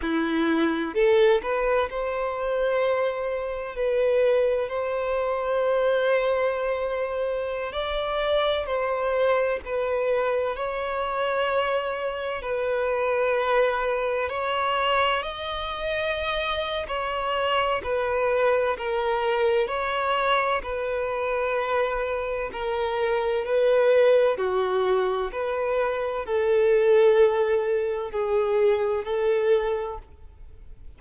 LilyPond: \new Staff \with { instrumentName = "violin" } { \time 4/4 \tempo 4 = 64 e'4 a'8 b'8 c''2 | b'4 c''2.~ | c''16 d''4 c''4 b'4 cis''8.~ | cis''4~ cis''16 b'2 cis''8.~ |
cis''16 dis''4.~ dis''16 cis''4 b'4 | ais'4 cis''4 b'2 | ais'4 b'4 fis'4 b'4 | a'2 gis'4 a'4 | }